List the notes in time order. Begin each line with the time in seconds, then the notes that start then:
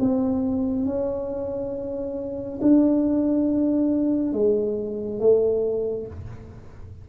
0.00 C4
0.86 C#4
2.62 D4
4.33 G#3
5.20 A3